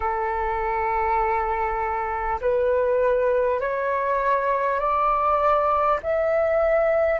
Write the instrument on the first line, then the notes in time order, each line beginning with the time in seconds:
flute
0.00 A4
2.40 B4
3.60 C#5
4.79 D5
6.02 E5